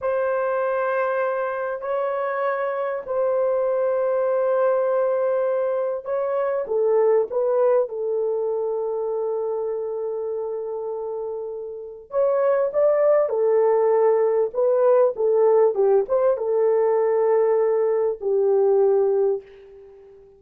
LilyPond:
\new Staff \with { instrumentName = "horn" } { \time 4/4 \tempo 4 = 99 c''2. cis''4~ | cis''4 c''2.~ | c''2 cis''4 a'4 | b'4 a'2.~ |
a'1 | cis''4 d''4 a'2 | b'4 a'4 g'8 c''8 a'4~ | a'2 g'2 | }